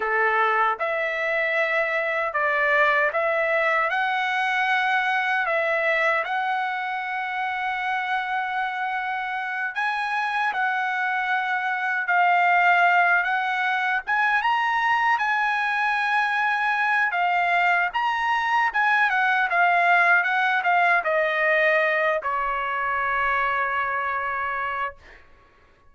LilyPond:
\new Staff \with { instrumentName = "trumpet" } { \time 4/4 \tempo 4 = 77 a'4 e''2 d''4 | e''4 fis''2 e''4 | fis''1~ | fis''8 gis''4 fis''2 f''8~ |
f''4 fis''4 gis''8 ais''4 gis''8~ | gis''2 f''4 ais''4 | gis''8 fis''8 f''4 fis''8 f''8 dis''4~ | dis''8 cis''2.~ cis''8 | }